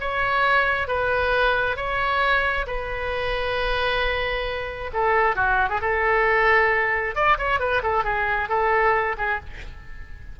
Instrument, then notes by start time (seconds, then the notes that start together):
oboe
0.00 C#5
0.87 B4
1.76 C#5
2.66 B4
4.93 A4
5.35 F#4
5.69 G#4
5.81 A4
7.15 D5
7.38 C#5
7.59 B4
7.83 A4
8.04 G#4
8.49 A4
9.18 G#4